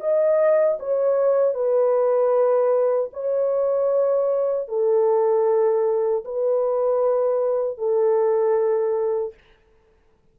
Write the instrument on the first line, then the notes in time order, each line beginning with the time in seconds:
horn
0.00 D#5
0.79 C#5
1.54 B4
3.13 C#5
4.69 A4
6.25 B4
7.78 A4